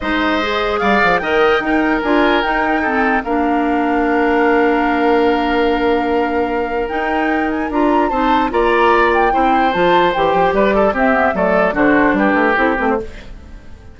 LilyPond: <<
  \new Staff \with { instrumentName = "flute" } { \time 4/4 \tempo 4 = 148 dis''2 f''4 g''4~ | g''4 gis''4 g''2 | f''1~ | f''1~ |
f''4 g''4. gis''8 ais''4 | a''4 ais''4. g''4. | a''4 g''4 d''4 e''4 | d''4 c''4 b'4 a'8 b'16 c''16 | }
  \new Staff \with { instrumentName = "oboe" } { \time 4/4 c''2 d''4 dis''4 | ais'2. a'4 | ais'1~ | ais'1~ |
ais'1 | c''4 d''2 c''4~ | c''2 b'8 a'8 g'4 | a'4 fis'4 g'2 | }
  \new Staff \with { instrumentName = "clarinet" } { \time 4/4 dis'4 gis'2 ais'4 | dis'4 f'4 dis'4 c'4 | d'1~ | d'1~ |
d'4 dis'2 f'4 | dis'4 f'2 e'4 | f'4 g'2 c'8 b8 | a4 d'2 e'8 c'8 | }
  \new Staff \with { instrumentName = "bassoon" } { \time 4/4 gis2 g8 f8 dis4 | dis'4 d'4 dis'2 | ais1~ | ais1~ |
ais4 dis'2 d'4 | c'4 ais2 c'4 | f4 e8 f8 g4 c'4 | fis4 d4 g8 a8 c'8 a8 | }
>>